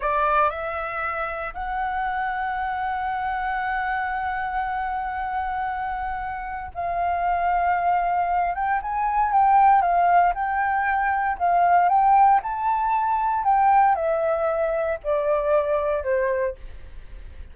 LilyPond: \new Staff \with { instrumentName = "flute" } { \time 4/4 \tempo 4 = 116 d''4 e''2 fis''4~ | fis''1~ | fis''1~ | fis''4 f''2.~ |
f''8 g''8 gis''4 g''4 f''4 | g''2 f''4 g''4 | a''2 g''4 e''4~ | e''4 d''2 c''4 | }